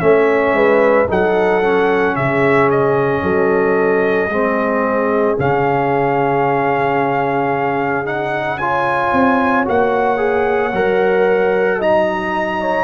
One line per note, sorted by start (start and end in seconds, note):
0.00 0.54 A3
0.00 1.07 C#4
0.00 0.56 C#5
0.00 1.07 E5
0.54 1.07 G#3
0.54 1.08 B4
1.08 2.17 F#3
1.08 1.62 D#4
1.08 2.16 A4
1.08 2.16 F#5
1.62 4.30 C#4
2.16 3.23 C#3
2.16 3.23 G#4
2.16 2.70 E5
2.71 5.39 D#5
3.23 4.29 F#3
3.23 4.30 A4
4.29 5.37 G#3
4.29 5.38 C4
4.29 8.58 G#4
5.38 9.13 C#3
5.38 8.05 C#4
5.38 8.07 F5
8.05 8.59 D#4
8.05 8.58 F#5
8.58 9.65 F4
8.58 11.79 C#5
8.58 9.65 G#5
9.13 9.67 C4
9.65 10.73 A#3
9.65 10.18 F#4
9.65 11.82 F#5
10.18 10.71 G#4
10.73 12.84 F#3
10.73 11.81 A#4
11.79 12.84 D#4
11.79 12.60 D#5
11.79 12.84 A#5
12.61 12.84 C#5